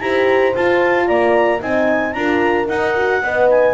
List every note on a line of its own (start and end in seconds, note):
0.00 0.54 E4
0.00 0.54 G4
0.00 1.06 C5
0.00 0.54 A#5
0.55 1.60 F4
0.55 1.09 F4
0.55 1.07 A5
1.06 1.61 A#3
1.06 1.60 D5
1.06 1.60 A#5
1.60 2.14 C4
1.60 2.13 D#4
1.60 2.14 D#5
1.60 2.12 G#5
2.12 2.68 D4
2.12 2.65 F4
2.12 3.23 A#4
2.12 2.66 A#5
2.65 2.92 D#4
2.65 3.22 D#4
2.65 3.48 F#5
2.96 3.23 F#4
3.22 3.73 B3
3.22 3.73 B4
3.22 3.73 D#5
3.50 3.73 G#5